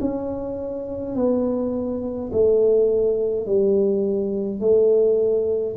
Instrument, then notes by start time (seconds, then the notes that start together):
tuba
0.00 C#4
1.15 B3
2.32 A3
3.46 G3
4.60 A3